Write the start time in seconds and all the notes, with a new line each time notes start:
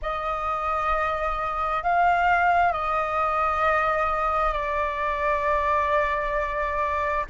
0.02 D#5
1.83 F5
2.72 D#5
4.52 D5